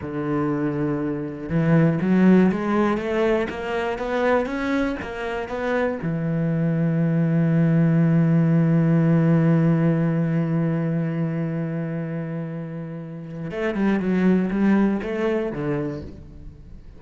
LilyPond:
\new Staff \with { instrumentName = "cello" } { \time 4/4 \tempo 4 = 120 d2. e4 | fis4 gis4 a4 ais4 | b4 cis'4 ais4 b4 | e1~ |
e1~ | e1~ | e2. a8 g8 | fis4 g4 a4 d4 | }